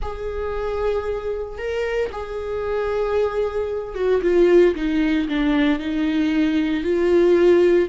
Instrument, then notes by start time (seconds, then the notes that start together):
viola
0.02 G#4
1.57 A#4
2.11 G#4
3.94 F#4
4.22 F4
4.75 D#4
5.28 D4
5.79 D#4
6.83 F4